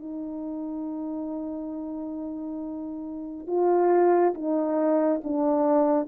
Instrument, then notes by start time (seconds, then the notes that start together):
horn
0.00 D#4
3.47 F4
4.34 D#4
5.24 D4